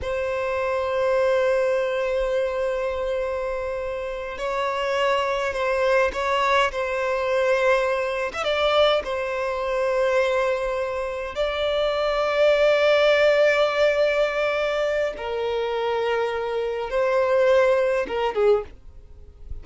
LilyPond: \new Staff \with { instrumentName = "violin" } { \time 4/4 \tempo 4 = 103 c''1~ | c''2.~ c''8 cis''8~ | cis''4. c''4 cis''4 c''8~ | c''2~ c''16 e''16 d''4 c''8~ |
c''2.~ c''8 d''8~ | d''1~ | d''2 ais'2~ | ais'4 c''2 ais'8 gis'8 | }